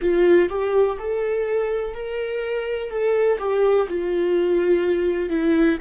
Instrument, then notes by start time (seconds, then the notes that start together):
viola
0.00 F4
0.49 G4
0.99 A4
1.94 A#4
2.89 A4
3.39 G4
3.88 F4
5.29 E4